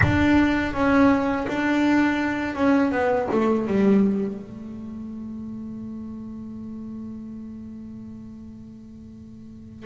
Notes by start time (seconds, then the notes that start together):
0.02 D4
0.73 C#4
1.47 D4
2.55 C#4
2.91 B3
3.31 A3
3.67 G3
4.39 A3